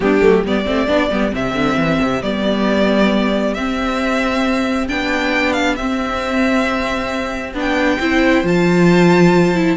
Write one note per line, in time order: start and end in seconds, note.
0.00 0.21 G3
0.00 0.21 B3
0.00 0.46 D4
0.00 0.44 G4
0.21 0.43 F#3
0.21 0.43 A3
0.44 0.66 G3
0.44 0.65 B3
0.44 7.99 G4
0.44 1.35 D5
0.65 0.87 A3
0.65 0.87 C4
0.87 1.10 B3
0.87 1.10 D4
1.10 1.33 G3
1.10 1.32 B3
1.32 1.54 C3
1.32 2.20 C4
1.32 2.22 E5
1.54 1.76 D3
1.77 1.99 E3
2.02 2.22 C3
2.22 3.55 G3
2.22 3.56 B3
2.22 3.54 D5
3.54 4.89 C4
3.54 4.88 C4
3.54 4.87 E5
4.88 5.78 B3
4.88 5.77 D4
4.88 5.52 G5
5.52 5.74 F5
5.75 7.53 C4
5.75 7.55 C4
5.75 7.53 E5
7.53 7.98 B3
7.53 7.99 D4
7.53 8.47 G5
7.99 8.43 C4
7.99 8.44 E4
7.99 9.76 C5
8.43 9.76 F3
8.43 9.55 F4
8.43 9.77 A5
9.55 9.77 E4